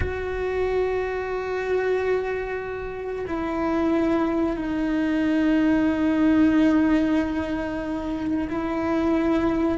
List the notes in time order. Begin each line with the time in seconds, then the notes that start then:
0.00 F#4
3.27 E4
4.56 D#4
8.49 E4